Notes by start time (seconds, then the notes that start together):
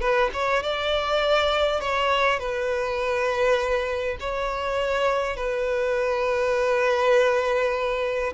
0.00 B4
0.33 C#5
0.62 D5
1.80 C#5
2.39 B4
4.20 C#5
5.36 B4